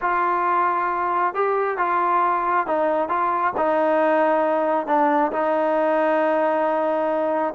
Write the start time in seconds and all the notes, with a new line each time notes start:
0.01 F4
1.34 G4
1.77 F4
2.66 D#4
3.08 F4
3.57 D#4
4.87 D4
5.32 D#4